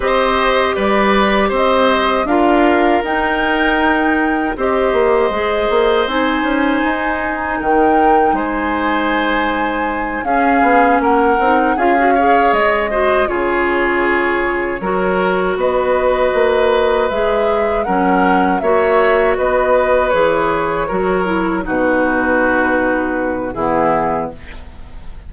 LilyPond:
<<
  \new Staff \with { instrumentName = "flute" } { \time 4/4 \tempo 4 = 79 dis''4 d''4 dis''4 f''4 | g''2 dis''2 | gis''2 g''4 gis''4~ | gis''4. f''4 fis''4 f''8~ |
f''8 dis''4 cis''2~ cis''8~ | cis''8 dis''2 e''4 fis''8~ | fis''8 e''4 dis''4 cis''4.~ | cis''8 b'2~ b'8 gis'4 | }
  \new Staff \with { instrumentName = "oboe" } { \time 4/4 c''4 b'4 c''4 ais'4~ | ais'2 c''2~ | c''2 ais'4 c''4~ | c''4. gis'4 ais'4 gis'8 |
cis''4 c''8 gis'2 ais'8~ | ais'8 b'2. ais'8~ | ais'8 cis''4 b'2 ais'8~ | ais'8 fis'2~ fis'8 e'4 | }
  \new Staff \with { instrumentName = "clarinet" } { \time 4/4 g'2. f'4 | dis'2 g'4 gis'4 | dis'1~ | dis'4. cis'4. dis'8 f'16 fis'16 |
gis'4 fis'8 f'2 fis'8~ | fis'2~ fis'8 gis'4 cis'8~ | cis'8 fis'2 gis'4 fis'8 | e'8 dis'2~ dis'8 b4 | }
  \new Staff \with { instrumentName = "bassoon" } { \time 4/4 c'4 g4 c'4 d'4 | dis'2 c'8 ais8 gis8 ais8 | c'8 cis'8 dis'4 dis4 gis4~ | gis4. cis'8 b8 ais8 c'8 cis'8~ |
cis'8 gis4 cis2 fis8~ | fis8 b4 ais4 gis4 fis8~ | fis8 ais4 b4 e4 fis8~ | fis8 b,2~ b,8 e4 | }
>>